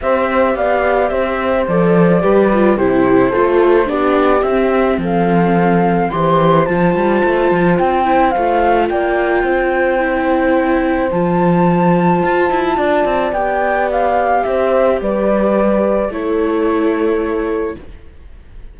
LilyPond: <<
  \new Staff \with { instrumentName = "flute" } { \time 4/4 \tempo 4 = 108 e''4 f''4 e''4 d''4~ | d''4 c''2 d''4 | e''4 f''2 c'''4 | a''2 g''4 f''4 |
g''1 | a''1 | g''4 f''4 e''4 d''4~ | d''4 cis''2. | }
  \new Staff \with { instrumentName = "horn" } { \time 4/4 c''4 d''4 c''2 | b'4 g'4 a'4 g'4~ | g'4 a'2 c''4~ | c''1 |
d''4 c''2.~ | c''2. d''4~ | d''2 c''4 b'4~ | b'4 a'2. | }
  \new Staff \with { instrumentName = "viola" } { \time 4/4 g'2. a'4 | g'8 f'8 e'4 f'4 d'4 | c'2. g'4 | f'2~ f'8 e'8 f'4~ |
f'2 e'2 | f'1 | g'1~ | g'4 e'2. | }
  \new Staff \with { instrumentName = "cello" } { \time 4/4 c'4 b4 c'4 f4 | g4 c4 a4 b4 | c'4 f2 e4 | f8 g8 a8 f8 c'4 a4 |
ais4 c'2. | f2 f'8 e'8 d'8 c'8 | b2 c'4 g4~ | g4 a2. | }
>>